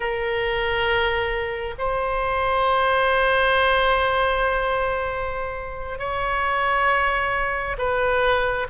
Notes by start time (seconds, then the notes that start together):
0.00 A#4
1.78 C5
5.98 C#5
7.78 B4